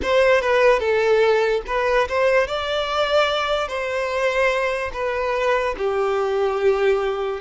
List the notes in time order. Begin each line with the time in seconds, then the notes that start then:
0.02 C5
0.41 B4
0.79 A4
1.67 B4
2.08 C5
2.47 D5
3.68 C5
4.93 B4
5.77 G4